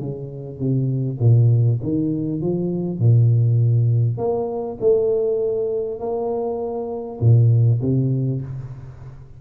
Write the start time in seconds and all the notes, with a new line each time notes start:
0.00 C#3
0.59 C3
1.21 A#2
1.83 D#3
2.42 F3
2.99 A#2
4.18 A#3
4.81 A3
6.00 A#3
7.21 A#2
7.81 C3